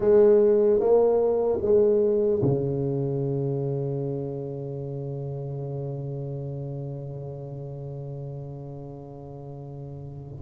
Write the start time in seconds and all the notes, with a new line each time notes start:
0.00 G#3
0.79 A#3
1.61 G#3
2.42 C#3